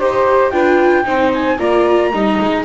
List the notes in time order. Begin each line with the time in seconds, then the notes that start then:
0.00 D#4 G4 C5
0.51 D4 F4 B4 G5
1.04 C4 D#4 C5
1.34 G#5
1.58 A#3 F4 D5 A#5
2.13 G3 D#4 D#5
2.41 G#3